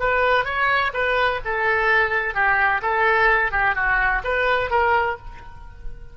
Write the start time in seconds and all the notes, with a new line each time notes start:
0.00 B4
0.45 C#5
0.94 B4
1.45 A4
2.35 G4
2.83 A4
3.52 G4
3.76 F#4
4.24 B4
4.71 A#4